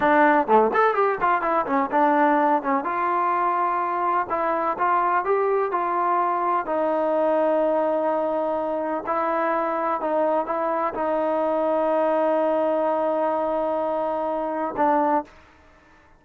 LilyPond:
\new Staff \with { instrumentName = "trombone" } { \time 4/4 \tempo 4 = 126 d'4 a8 a'8 g'8 f'8 e'8 cis'8 | d'4. cis'8 f'2~ | f'4 e'4 f'4 g'4 | f'2 dis'2~ |
dis'2. e'4~ | e'4 dis'4 e'4 dis'4~ | dis'1~ | dis'2. d'4 | }